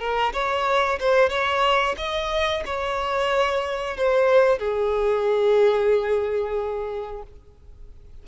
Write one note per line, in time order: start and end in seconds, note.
0.00 0.33 A#4
0.33 0.99 C#5
1.00 1.30 C5
1.30 1.96 C#5
1.98 2.63 D#5
2.66 3.97 C#5
3.97 4.59 C5
4.59 7.23 G#4